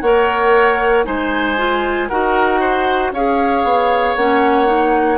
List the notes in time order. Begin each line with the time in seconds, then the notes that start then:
0.00 A#3 A#4 C#5 F#5
1.04 G#3 D#4 C5 G#5
1.57 F4
2.08 D#4 F#4 A#4 F#5
2.60 C5
3.11 C#4 G#4 C#5 F5
3.63 B3
4.16 A#3 C#4 F#5
4.66 D#4